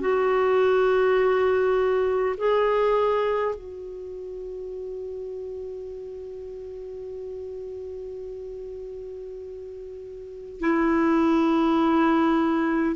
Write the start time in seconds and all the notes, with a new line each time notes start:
0.00 F#4
2.37 G#4
3.55 F#4
10.60 E4